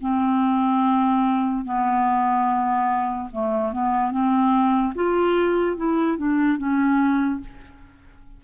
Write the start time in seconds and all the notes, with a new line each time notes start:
0.00 C4
1.64 B3
3.31 A3
3.72 B3
4.11 C4
4.95 F4
5.76 E4
6.17 D4
6.58 C#4